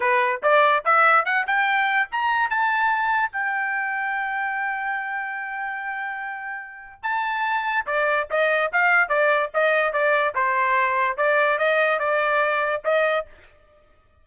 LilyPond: \new Staff \with { instrumentName = "trumpet" } { \time 4/4 \tempo 4 = 145 b'4 d''4 e''4 fis''8 g''8~ | g''4 ais''4 a''2 | g''1~ | g''1~ |
g''4 a''2 d''4 | dis''4 f''4 d''4 dis''4 | d''4 c''2 d''4 | dis''4 d''2 dis''4 | }